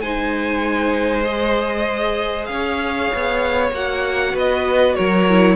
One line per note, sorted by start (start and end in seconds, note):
0.00 2.48 G#3
0.00 1.23 D#4
0.00 2.49 C5
0.00 1.23 G#5
1.23 3.70 G#4
1.23 2.45 D#5
2.45 3.10 C#4
2.45 3.69 F5
2.51 4.34 C#5
3.14 3.71 B3
3.71 4.33 A#3
3.71 5.28 F#4
3.71 4.36 F#5
4.34 4.95 B3
4.34 4.96 B4
4.34 4.95 D#5
4.95 5.56 F#3
4.95 5.56 A#4
4.95 5.56 C#5
5.29 5.56 E4